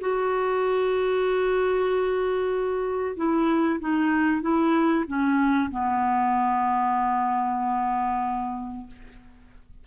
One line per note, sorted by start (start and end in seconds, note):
0.00 3.16 F#4
3.16 3.79 E4
3.80 4.41 D#4
4.41 5.04 E4
5.07 5.70 C#4
5.70 8.86 B3